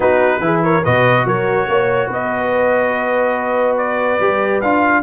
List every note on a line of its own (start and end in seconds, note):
0.00 0.39 B3
0.00 0.41 D#4
0.00 0.41 F#4
0.00 0.60 B4
0.39 0.81 E3
0.39 0.83 E4
0.39 0.64 G#4
0.63 0.83 A#4
0.63 0.84 C#5
0.83 1.24 B2
0.83 4.20 F#4
0.83 1.25 B4
0.83 1.26 D#5
1.24 1.66 F#3
1.24 1.68 A#4
1.24 2.11 C#5
1.68 2.08 A#3
1.68 2.07 C#5
2.07 4.18 B3
2.07 5.01 B4
2.07 3.77 D#5
3.77 4.61 D5
4.19 4.61 G3
4.19 4.62 G4
4.61 5.03 D4
4.61 5.03 F4
4.61 5.03 F5